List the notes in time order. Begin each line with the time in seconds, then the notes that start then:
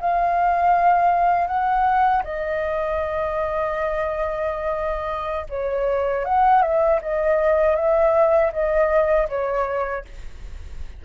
0.00 F5
1.47 F#5
2.23 D#5
5.49 C#5
6.25 F#5
6.62 E5
7.01 D#5
7.75 E5
8.52 D#5
9.29 C#5